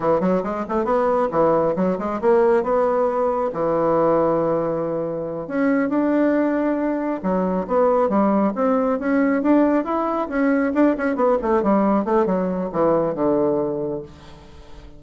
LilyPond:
\new Staff \with { instrumentName = "bassoon" } { \time 4/4 \tempo 4 = 137 e8 fis8 gis8 a8 b4 e4 | fis8 gis8 ais4 b2 | e1~ | e8 cis'4 d'2~ d'8~ |
d'8 fis4 b4 g4 c'8~ | c'8 cis'4 d'4 e'4 cis'8~ | cis'8 d'8 cis'8 b8 a8 g4 a8 | fis4 e4 d2 | }